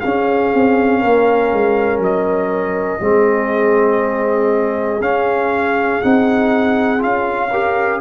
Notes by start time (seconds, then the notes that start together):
0.00 C#4 G#4 F5
0.54 C4
1.01 A#3 A#4
1.53 G#3
1.99 F#3 D#5
3.01 G#3 C4 G#4
5.00 C#4 F5
6.02 C4 D#4 F#5
6.98 C#4 F4 F5
7.51 G4 A#4